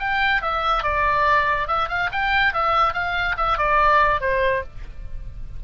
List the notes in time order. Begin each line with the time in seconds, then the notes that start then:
0.00 G5
0.42 E5
0.84 D5
1.68 E5
1.89 F5
2.12 G5
2.54 E5
2.94 F5
3.37 E5
3.58 D5
4.21 C5